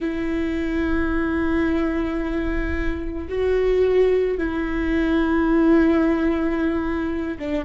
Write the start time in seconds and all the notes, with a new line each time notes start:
0.00 E4
3.28 F#4
4.38 E4
7.38 D4